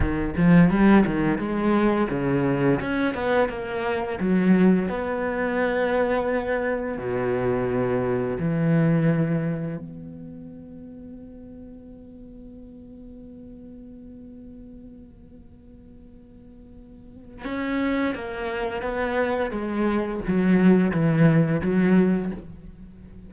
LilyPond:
\new Staff \with { instrumentName = "cello" } { \time 4/4 \tempo 4 = 86 dis8 f8 g8 dis8 gis4 cis4 | cis'8 b8 ais4 fis4 b4~ | b2 b,2 | e2 b2~ |
b1~ | b1~ | b4 cis'4 ais4 b4 | gis4 fis4 e4 fis4 | }